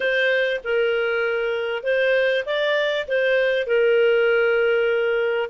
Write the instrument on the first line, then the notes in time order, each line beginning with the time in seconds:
clarinet
0.00 C5
0.64 A#4
1.83 C5
2.45 D5
3.08 C5
3.66 A#4